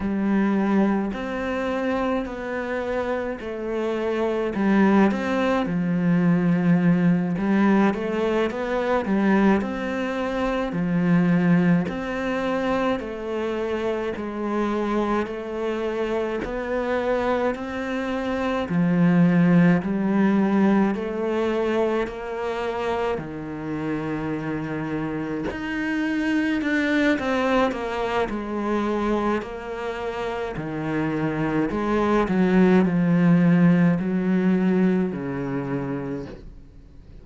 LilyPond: \new Staff \with { instrumentName = "cello" } { \time 4/4 \tempo 4 = 53 g4 c'4 b4 a4 | g8 c'8 f4. g8 a8 b8 | g8 c'4 f4 c'4 a8~ | a8 gis4 a4 b4 c'8~ |
c'8 f4 g4 a4 ais8~ | ais8 dis2 dis'4 d'8 | c'8 ais8 gis4 ais4 dis4 | gis8 fis8 f4 fis4 cis4 | }